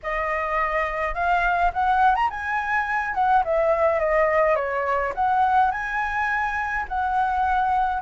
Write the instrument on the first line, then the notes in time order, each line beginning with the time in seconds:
flute
0.02 D#5
1.14 F5
1.73 F#5
2.15 A#5
2.30 G#5
3.14 F#5
3.44 E5
3.99 D#5
4.55 C#5
5.14 F#5
5.71 G#5
6.88 F#5